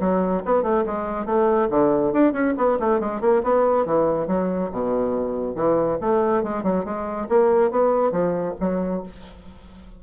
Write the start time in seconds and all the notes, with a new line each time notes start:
0.00 F#3
0.45 B3
0.63 A3
0.86 G#3
1.25 A3
1.70 D3
2.13 D4
2.33 C#4
2.57 B3
2.80 A3
3.00 G#3
3.21 A#3
3.43 B3
3.86 E3
4.27 F#3
4.71 B2
5.55 E3
6.01 A3
6.43 G#3
6.63 F#3
6.85 G#3
7.29 A#3
7.71 B3
8.12 F3
8.60 F#3